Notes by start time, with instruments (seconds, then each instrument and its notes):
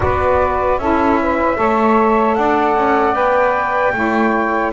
0.00 double bass B3, saxophone F#4 B4, flute D5
0.78 double bass C#4, saxophone E4 A4, flute E5
1.22 saxophone B4
1.56 double bass A3, saxophone A4 C#5
2.35 double bass D4, saxophone D5, flute F#5
2.75 double bass C#4
3.13 double bass B3, saxophone B4, flute G5
3.93 double bass A3, saxophone E4 C#5